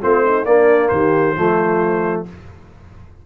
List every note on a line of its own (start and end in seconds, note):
0.00 0.45 A3
0.00 0.45 C4
0.00 0.23 F4
0.00 0.45 C5
0.24 0.46 D#4
0.45 0.89 A#3
0.45 1.36 A#3
0.45 0.92 D4
0.45 0.88 D5
0.88 1.35 D#3
0.88 1.36 G4
0.88 2.22 C5
1.36 2.25 F3
1.36 2.25 A3
1.36 2.26 F4